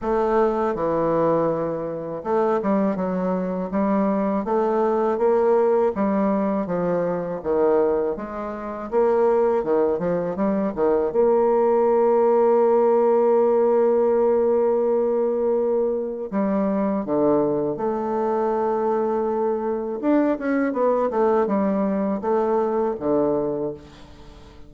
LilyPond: \new Staff \with { instrumentName = "bassoon" } { \time 4/4 \tempo 4 = 81 a4 e2 a8 g8 | fis4 g4 a4 ais4 | g4 f4 dis4 gis4 | ais4 dis8 f8 g8 dis8 ais4~ |
ais1~ | ais2 g4 d4 | a2. d'8 cis'8 | b8 a8 g4 a4 d4 | }